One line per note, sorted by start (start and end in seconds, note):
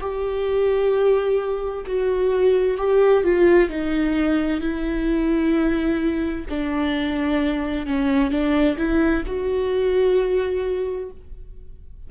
0.00 1.85 G4
1.86 2.77 F#4
2.77 3.23 G4
3.23 3.69 F4
3.69 4.60 D#4
4.60 6.45 E4
6.49 7.86 D4
7.86 8.30 C#4
8.30 8.77 D4
8.77 9.23 E4
9.26 11.11 F#4